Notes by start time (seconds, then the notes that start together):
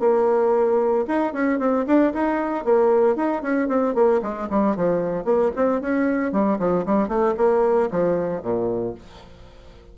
0.00 A#3
1.08 D#4
1.33 C#4
1.59 C4
1.87 D4
2.14 D#4
2.65 A#3
3.16 D#4
3.42 C#4
3.68 C4
3.95 A#3
4.22 G#3
4.50 G3
4.76 F3
5.25 A#3
5.56 C4
5.81 C#4
6.32 G3
6.59 F3
6.86 G3
7.08 A3
7.37 A#3
7.91 F3
8.42 A#2